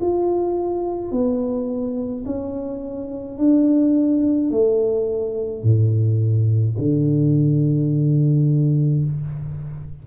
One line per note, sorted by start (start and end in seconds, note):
0.00 1.11 F4
1.11 2.24 B3
2.25 3.38 C#4
3.38 4.50 D4
4.50 5.62 A3
5.62 6.76 A2
6.78 9.04 D3